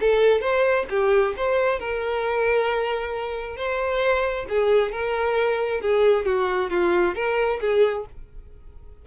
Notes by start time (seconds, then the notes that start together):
0.00 A4
0.41 C5
0.90 G4
1.36 C5
1.80 A#4
3.57 C5
4.49 G#4
4.92 A#4
5.81 G#4
6.25 F#4
6.70 F4
7.15 A#4
7.60 G#4